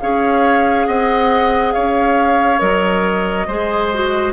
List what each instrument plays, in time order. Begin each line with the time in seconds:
0.00 bassoon C#4, clarinet G#4, oboe C#5, flute F5
0.87 bassoon C4, oboe D#5, flute F#5
1.72 bassoon C#4, oboe C#5, flute F5
2.59 bassoon F#3, clarinet A#4, flute D#5
3.48 bassoon G#3, clarinet G#4, oboe C5
3.93 clarinet F#4